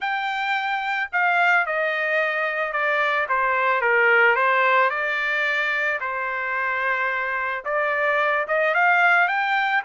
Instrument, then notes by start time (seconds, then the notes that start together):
trumpet
0.00 G5
1.12 F5
1.65 D#5
2.72 D5
3.28 C5
3.81 A#4
4.35 C5
4.90 D5
6.00 C5
7.64 D5
8.47 D#5
8.74 F5
9.28 G5